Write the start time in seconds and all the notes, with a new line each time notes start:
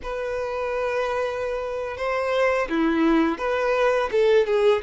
0.03 B4
1.97 C5
2.69 E4
3.38 B4
4.11 A4
4.46 G#4